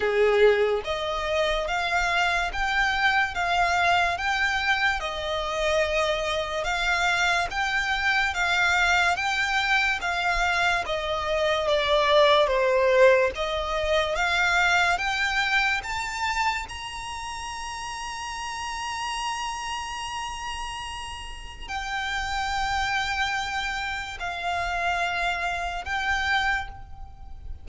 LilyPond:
\new Staff \with { instrumentName = "violin" } { \time 4/4 \tempo 4 = 72 gis'4 dis''4 f''4 g''4 | f''4 g''4 dis''2 | f''4 g''4 f''4 g''4 | f''4 dis''4 d''4 c''4 |
dis''4 f''4 g''4 a''4 | ais''1~ | ais''2 g''2~ | g''4 f''2 g''4 | }